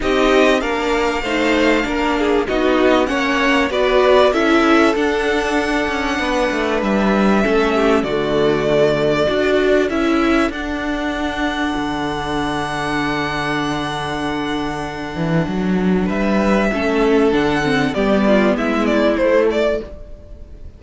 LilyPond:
<<
  \new Staff \with { instrumentName = "violin" } { \time 4/4 \tempo 4 = 97 dis''4 f''2. | dis''4 fis''4 d''4 e''4 | fis''2. e''4~ | e''4 d''2. |
e''4 fis''2.~ | fis''1~ | fis''2 e''2 | fis''4 d''4 e''8 d''8 c''8 d''8 | }
  \new Staff \with { instrumentName = "violin" } { \time 4/4 g'4 ais'4 c''4 ais'8 gis'8 | fis'4 cis''4 b'4 a'4~ | a'2 b'2 | a'8 g'8 fis'2 a'4~ |
a'1~ | a'1~ | a'2 b'4 a'4~ | a'4 g'8 f'8 e'2 | }
  \new Staff \with { instrumentName = "viola" } { \time 4/4 dis'4 d'4 dis'4 d'4 | dis'4 cis'4 fis'4 e'4 | d'1 | cis'4 a2 fis'4 |
e'4 d'2.~ | d'1~ | d'2. cis'4 | d'8 c'8 b2 a4 | }
  \new Staff \with { instrumentName = "cello" } { \time 4/4 c'4 ais4 a4 ais4 | b4 ais4 b4 cis'4 | d'4. cis'8 b8 a8 g4 | a4 d2 d'4 |
cis'4 d'2 d4~ | d1~ | d8 e8 fis4 g4 a4 | d4 g4 gis4 a4 | }
>>